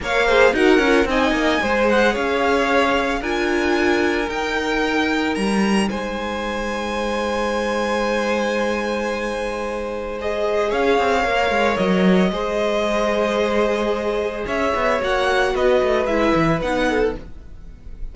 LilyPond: <<
  \new Staff \with { instrumentName = "violin" } { \time 4/4 \tempo 4 = 112 f''4 fis''4 gis''4. fis''8 | f''2 gis''2 | g''2 ais''4 gis''4~ | gis''1~ |
gis''2. dis''4 | f''2 dis''2~ | dis''2. e''4 | fis''4 dis''4 e''4 fis''4 | }
  \new Staff \with { instrumentName = "violin" } { \time 4/4 cis''8 c''8 ais'4 dis''4 c''4 | cis''2 ais'2~ | ais'2. c''4~ | c''1~ |
c''1 | cis''2. c''4~ | c''2. cis''4~ | cis''4 b'2~ b'8 a'8 | }
  \new Staff \with { instrumentName = "viola" } { \time 4/4 ais'8 gis'8 fis'8 f'8 dis'4 gis'4~ | gis'2 f'2 | dis'1~ | dis'1~ |
dis'2. gis'4~ | gis'4 ais'2 gis'4~ | gis'1 | fis'2 e'4 dis'4 | }
  \new Staff \with { instrumentName = "cello" } { \time 4/4 ais4 dis'8 cis'8 c'8 ais8 gis4 | cis'2 d'2 | dis'2 g4 gis4~ | gis1~ |
gis1 | cis'8 c'8 ais8 gis8 fis4 gis4~ | gis2. cis'8 b8 | ais4 b8 a8 gis8 e8 b4 | }
>>